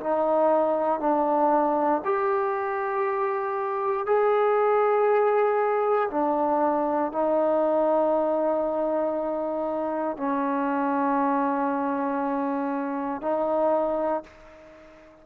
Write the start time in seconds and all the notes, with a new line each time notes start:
0.00 D#4
0.99 D4
2.04 G4
4.06 G#4
6.10 D4
7.12 D#4
10.16 C#4
13.21 D#4